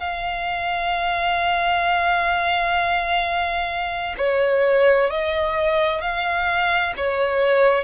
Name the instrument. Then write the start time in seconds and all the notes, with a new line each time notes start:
violin
0.00 F5
4.18 C#5
5.11 D#5
6.02 F5
6.97 C#5